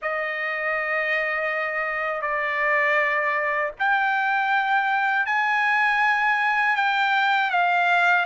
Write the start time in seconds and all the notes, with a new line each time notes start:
0.02 D#5
2.21 D5
3.79 G5
5.26 G#5
6.75 G5
7.50 F5